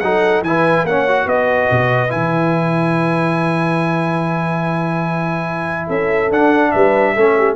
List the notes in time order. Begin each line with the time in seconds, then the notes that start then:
0.00 F#3 D#4 A4 F#5
0.42 E3 E4 B4 G#5
0.84 A#3 C#4 C#5 F#5
1.08 F#4
1.26 B3 B4 D#5
1.71 B2
2.09 E3 E4 G#5
5.87 C#4 A4 E5
6.31 D4 F#5
6.71 G3 B4 E5
7.14 A3 C#4 A4
7.38 G4